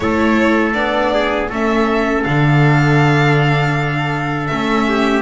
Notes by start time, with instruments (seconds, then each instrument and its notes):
0.00 double bass A3, viola E4, trumpet A4, violin C#5
0.73 double bass B3, viola D4, violin D5
1.13 trumpet G#4
1.49 double bass A3, viola C#4, trumpet A4, violin E5
2.23 double bass D3, viola D4, violin F5
4.46 double bass A3, viola C#4, violin E5
4.88 trumpet G4